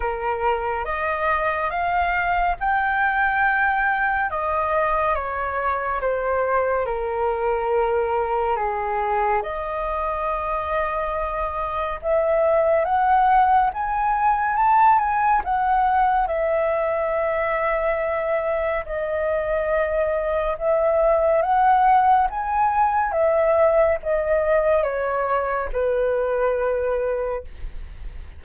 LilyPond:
\new Staff \with { instrumentName = "flute" } { \time 4/4 \tempo 4 = 70 ais'4 dis''4 f''4 g''4~ | g''4 dis''4 cis''4 c''4 | ais'2 gis'4 dis''4~ | dis''2 e''4 fis''4 |
gis''4 a''8 gis''8 fis''4 e''4~ | e''2 dis''2 | e''4 fis''4 gis''4 e''4 | dis''4 cis''4 b'2 | }